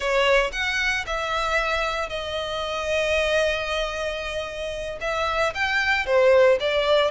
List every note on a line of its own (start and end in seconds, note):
0.00 0.51 C#5
0.52 1.05 F#5
1.06 2.09 E5
2.09 4.99 D#5
5.00 5.53 E5
5.54 6.06 G5
6.06 6.58 C5
6.59 7.10 D5